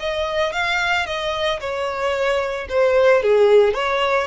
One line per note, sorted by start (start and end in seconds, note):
0.00 0.53 D#5
0.53 1.06 F5
1.06 1.60 D#5
1.60 2.67 C#5
2.69 3.22 C5
3.23 3.74 G#4
3.74 4.27 C#5